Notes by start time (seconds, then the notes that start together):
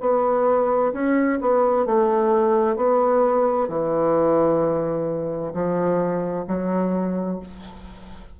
0.00 B3
0.93 C#4
1.41 B3
1.85 A3
2.76 B3
3.68 E3
5.53 F3
6.47 F#3